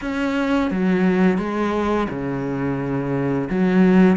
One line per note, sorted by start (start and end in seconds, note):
0.01 0.70 C#4
0.70 1.38 F#3
1.38 2.07 G#3
2.09 3.49 C#3
3.49 4.16 F#3